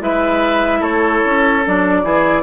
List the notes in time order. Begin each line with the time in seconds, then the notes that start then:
0.00 G#3 E4 B4 E5
0.80 A3 A4 C#5
1.26 C#4
1.65 F#3 D4 D5
2.04 E3 E4 G#4